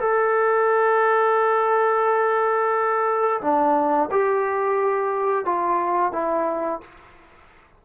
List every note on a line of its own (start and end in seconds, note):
0.00 3.41 A4
3.41 4.09 D4
4.11 5.45 G4
5.45 6.12 F4
6.12 6.81 E4